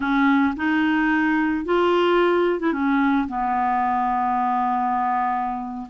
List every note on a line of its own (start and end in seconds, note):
0.00 0.54 C#4
0.56 1.65 D#4
1.65 2.59 F4
2.59 2.72 E4
2.72 3.27 C#4
3.28 5.87 B3